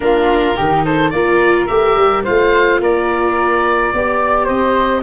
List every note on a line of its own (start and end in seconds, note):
0.00 0.57 A#3
0.00 0.54 D4
0.00 0.56 F4
0.00 0.84 A#4
0.54 1.12 D#3
0.54 1.11 D#4
0.54 0.84 G4
0.84 1.12 A4
0.84 1.09 C5
1.09 1.68 A#3
1.09 1.68 F4
1.09 2.23 A#4
1.09 1.66 D5
1.67 1.96 A3
1.67 2.24 G4
1.67 2.23 E5
1.96 2.24 G3
2.23 2.80 A3
2.23 3.94 F4
2.23 2.79 C5
2.23 2.81 F5
2.80 3.92 A#3
2.80 3.93 A#4
2.80 4.47 D5
3.93 4.49 B3
3.93 5.03 G4
3.93 4.44 D5
4.44 5.03 C4
4.44 5.00 C5
4.44 5.03 D#5